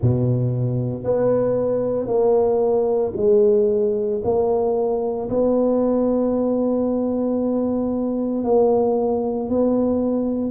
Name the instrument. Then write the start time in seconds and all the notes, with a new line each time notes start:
tuba
0.01 B2
1.03 B3
2.07 A#3
3.16 G#3
4.23 A#3
5.29 B3
8.44 A#3
9.49 B3